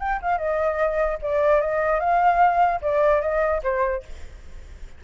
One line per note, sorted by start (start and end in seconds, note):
0.00 0.20 G5
0.22 0.38 F5
0.38 1.19 D#5
1.22 1.61 D5
1.61 2.00 D#5
2.00 2.81 F5
2.82 3.22 D5
3.22 3.62 D#5
3.63 4.04 C5